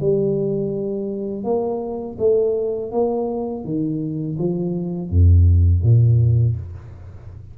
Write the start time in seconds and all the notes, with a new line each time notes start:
0.00 G3
1.43 A#3
2.18 A3
2.91 A#3
3.64 D#3
4.38 F3
5.09 F2
5.82 A#2